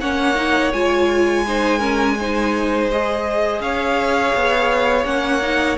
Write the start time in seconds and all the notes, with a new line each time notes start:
0.00 A#3 C#4 C#5 F#5
0.34 D#4
0.72 G#3 F4 G#5
1.47 D#4 C5
1.79 C#4 A#4
2.19 D#4 C5
2.91 G#4 D#5
3.60 C#4 C#5 F5
4.34 B3
5.04 A#3 C#4 F#5
5.41 D#4